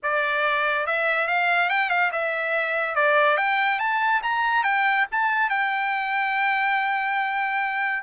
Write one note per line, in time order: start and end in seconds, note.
0.02 0.86 D5
0.86 1.27 E5
1.27 1.69 F5
1.69 1.89 G5
1.89 2.10 F5
2.11 2.95 E5
2.95 3.37 D5
3.37 3.79 G5
3.79 4.21 A5
4.23 4.63 A#5
4.63 5.06 G5
5.11 5.49 A5
5.49 8.03 G5